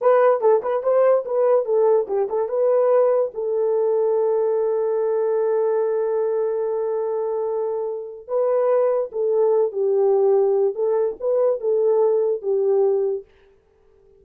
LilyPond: \new Staff \with { instrumentName = "horn" } { \time 4/4 \tempo 4 = 145 b'4 a'8 b'8 c''4 b'4 | a'4 g'8 a'8 b'2 | a'1~ | a'1~ |
a'1 | b'2 a'4. g'8~ | g'2 a'4 b'4 | a'2 g'2 | }